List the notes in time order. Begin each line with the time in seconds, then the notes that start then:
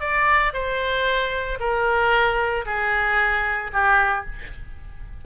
0.00 D5
0.53 C5
1.60 A#4
2.66 G#4
3.73 G4